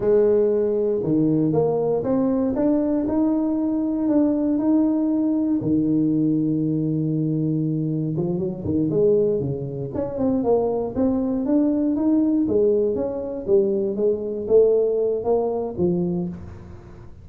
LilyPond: \new Staff \with { instrumentName = "tuba" } { \time 4/4 \tempo 4 = 118 gis2 dis4 ais4 | c'4 d'4 dis'2 | d'4 dis'2 dis4~ | dis1 |
f8 fis8 dis8 gis4 cis4 cis'8 | c'8 ais4 c'4 d'4 dis'8~ | dis'8 gis4 cis'4 g4 gis8~ | gis8 a4. ais4 f4 | }